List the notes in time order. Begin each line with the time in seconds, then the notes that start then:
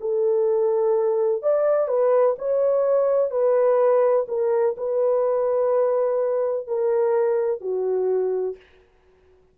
0.00 A4
1.42 D5
1.88 B4
2.38 C#5
3.31 B4
4.28 A#4
4.77 B4
6.67 A#4
7.61 F#4